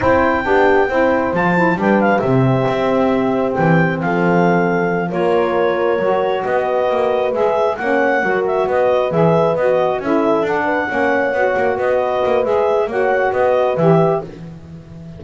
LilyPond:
<<
  \new Staff \with { instrumentName = "clarinet" } { \time 4/4 \tempo 4 = 135 g''2. a''4 | g''8 f''8 e''2. | g''4 f''2~ f''8 cis''8~ | cis''2~ cis''8 dis''4.~ |
dis''8 e''4 fis''4. e''8 dis''8~ | dis''8 e''4 dis''4 e''4 fis''8~ | fis''2~ fis''8 dis''4. | e''4 fis''4 dis''4 e''4 | }
  \new Staff \with { instrumentName = "horn" } { \time 4/4 c''4 g'4 c''2 | b'4 g'2.~ | g'4 a'2~ a'8 ais'8~ | ais'2~ ais'8 b'4.~ |
b'4. cis''4 ais'4 b'8~ | b'2~ b'8 a'4. | b'8 cis''2 b'4.~ | b'4 cis''4 b'2 | }
  \new Staff \with { instrumentName = "saxophone" } { \time 4/4 e'4 d'4 e'4 f'8 e'8 | d'4 c'2.~ | c'2.~ c'8 f'8~ | f'4. fis'2~ fis'8~ |
fis'8 gis'4 cis'4 fis'4.~ | fis'8 gis'4 fis'4 e'4 d'8~ | d'8 cis'4 fis'2~ fis'8 | gis'4 fis'2 g'4 | }
  \new Staff \with { instrumentName = "double bass" } { \time 4/4 c'4 b4 c'4 f4 | g4 c4 c'2 | e4 f2~ f8 ais8~ | ais4. fis4 b4 ais8~ |
ais8 gis4 ais4 fis4 b8~ | b8 e4 b4 cis'4 d'8~ | d'8 ais4 b8 ais8 b4 ais8 | gis4 ais4 b4 e4 | }
>>